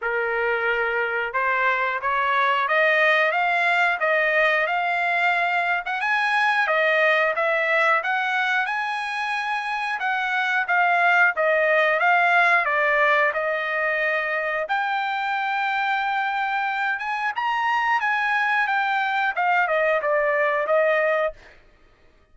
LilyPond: \new Staff \with { instrumentName = "trumpet" } { \time 4/4 \tempo 4 = 90 ais'2 c''4 cis''4 | dis''4 f''4 dis''4 f''4~ | f''8. fis''16 gis''4 dis''4 e''4 | fis''4 gis''2 fis''4 |
f''4 dis''4 f''4 d''4 | dis''2 g''2~ | g''4. gis''8 ais''4 gis''4 | g''4 f''8 dis''8 d''4 dis''4 | }